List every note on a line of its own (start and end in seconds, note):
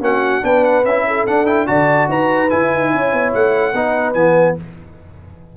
0.00 0.41 A#3
0.00 0.42 C#4
0.00 0.44 F#4
0.00 0.45 F#5
0.42 0.84 B3
0.42 0.83 D4
0.42 1.06 B4
0.42 0.64 G5
0.64 0.85 F#5
0.84 1.25 C#4
0.84 1.27 E4
0.84 1.26 E5
1.07 1.67 A4
1.26 1.68 D4
1.26 1.46 D4
1.26 1.46 F#5
1.46 1.66 E4
1.46 1.67 G5
1.66 2.08 D3
1.66 2.49 F#4
1.66 2.09 D5
1.66 2.08 A5
2.08 2.50 D#4
2.08 2.92 B4
2.08 2.50 A#5
2.49 3.74 E4
2.49 2.73 E4
2.49 3.33 G#5
2.73 2.94 D#4
2.93 3.12 C#4
2.93 3.73 C#5
3.12 3.33 B3
3.34 3.73 A3
3.34 4.13 F#5
3.73 4.15 B3
3.73 4.15 D#4
3.73 4.56 B4
4.13 4.56 E3
4.13 4.56 B3
4.13 4.55 G#5